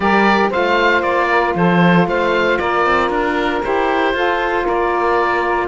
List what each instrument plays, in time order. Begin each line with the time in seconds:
0.00 cello G3, saxophone G4 A#4, oboe D5
0.49 saxophone F4 C5, oboe F5
0.56 cello A3
1.02 cello A#3, oboe D5
1.29 saxophone A#4
1.55 cello F3, saxophone A4, oboe C5
2.06 cello A3, saxophone C5, oboe F5
2.58 cello A#3, saxophone A#4, oboe D5
2.85 cello C4
3.09 cello D4, oboe A#4
3.62 cello E4, saxophone G4, oboe C5
4.14 cello F4, saxophone F4 A4
4.63 cello A#3, saxophone A#4, oboe D5